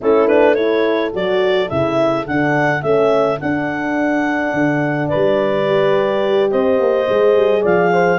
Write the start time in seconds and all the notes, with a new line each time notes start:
0.01 A3 C#4 E4 A4
0.27 D4 B4
0.54 E4 A4 C#5
1.13 F#3 F#4 D5
1.68 C#3 E4 E5
2.26 D3 D4 F#5
2.81 A3 C#4 E5
3.40 D4 F#5
4.53 D3
5.08 B4 D5
5.14 G3
5.66 G4
6.50 C4 C5 D#5
6.79 A#3
7.07 G#3 G#4
7.35 G3
7.61 F3 D5 F5
7.92 C5